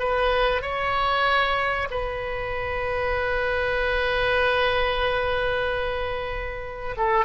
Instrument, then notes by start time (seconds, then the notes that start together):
oboe
0.00 B4
0.62 C#5
1.91 B4
6.98 A4